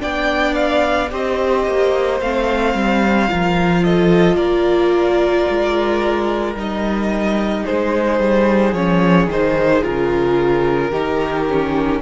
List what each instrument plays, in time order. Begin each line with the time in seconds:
0.00 cello B3, viola D4, violin D5 G5
0.55 violin F5
1.11 cello C4, viola G4, violin C5 D#5
1.67 cello A#3
2.21 cello A3, viola C4, violin F5
2.75 cello G3
3.29 cello F3, viola F4, violin A#4
3.83 violin A4 D#5
4.37 cello A#3, violin A#4 D5
5.50 cello G#3
6.55 cello G3, viola D#4, violin D#5
7.65 cello G#3, violin G#4 C5
8.20 cello G3
8.74 cello F3, viola C#4, violin C#5
9.27 cello D#3, viola D#4, violin C5
9.82 cello C#3, viola F4, violin A#4
10.90 cello D#3, viola D#4, violin G4
11.50 viola C#4